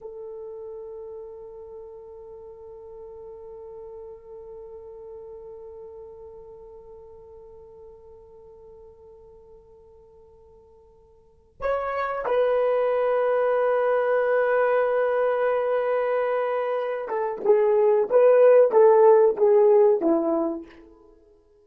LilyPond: \new Staff \with { instrumentName = "horn" } { \time 4/4 \tempo 4 = 93 a'1~ | a'1~ | a'1~ | a'1~ |
a'2 cis''4 b'4~ | b'1~ | b'2~ b'8 a'8 gis'4 | b'4 a'4 gis'4 e'4 | }